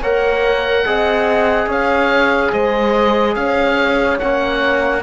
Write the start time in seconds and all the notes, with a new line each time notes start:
0.00 A#3 A#4 C#5 F#5
0.85 C4 G#4 D#5
1.66 C#4 C#5 F5
2.52 G#3 C5 D#5
3.35 C#4 C#5 F5
4.19 A#3 C#4 F#5